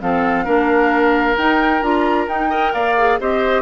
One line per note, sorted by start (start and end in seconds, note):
0.00 0.46 F3
0.00 0.45 C4
0.00 0.45 A4
0.00 1.37 F5
0.45 1.37 A#3
0.45 1.36 D4
0.45 2.49 A#4
1.37 1.82 D#4
1.37 1.82 G5
1.82 2.27 D4
1.82 2.28 F4
1.82 2.28 A#5
2.27 2.73 D#4
2.27 2.50 D#4
2.27 2.73 G5
2.49 2.95 A#4
2.49 2.72 D#5
2.73 3.19 A#3
2.73 3.19 D5
2.73 3.19 F5
2.97 3.20 G#4
3.20 3.62 C4
3.20 3.62 G4
3.20 3.62 C5
3.20 3.62 D#5